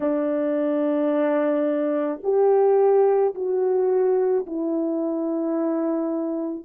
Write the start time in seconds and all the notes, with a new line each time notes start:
0.00 D4
2.23 G4
3.34 F#4
4.46 E4